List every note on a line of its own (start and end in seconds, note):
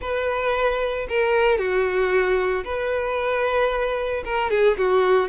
0.01 1.07 B4
1.08 1.58 A#4
1.58 2.64 F#4
2.64 4.23 B4
4.24 4.50 A#4
4.50 4.77 G#4
4.77 5.28 F#4